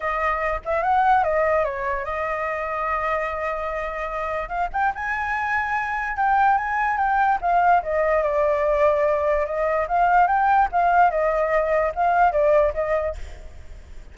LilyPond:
\new Staff \with { instrumentName = "flute" } { \time 4/4 \tempo 4 = 146 dis''4. e''8 fis''4 dis''4 | cis''4 dis''2.~ | dis''2. f''8 g''8 | gis''2. g''4 |
gis''4 g''4 f''4 dis''4 | d''2. dis''4 | f''4 g''4 f''4 dis''4~ | dis''4 f''4 d''4 dis''4 | }